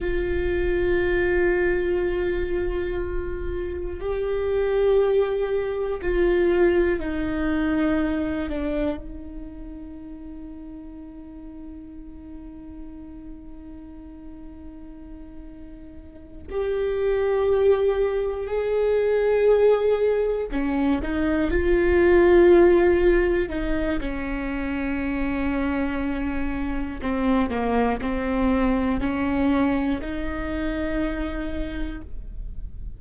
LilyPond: \new Staff \with { instrumentName = "viola" } { \time 4/4 \tempo 4 = 60 f'1 | g'2 f'4 dis'4~ | dis'8 d'8 dis'2.~ | dis'1~ |
dis'8 g'2 gis'4.~ | gis'8 cis'8 dis'8 f'2 dis'8 | cis'2. c'8 ais8 | c'4 cis'4 dis'2 | }